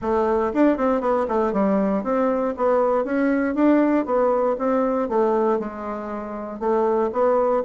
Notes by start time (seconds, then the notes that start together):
0.01 A3
0.53 D4
0.77 C4
1.01 B3
1.28 A3
1.53 G3
2.03 C4
2.57 B3
3.04 C#4
3.54 D4
4.05 B3
4.58 C4
5.08 A3
5.59 G#3
6.59 A3
7.12 B3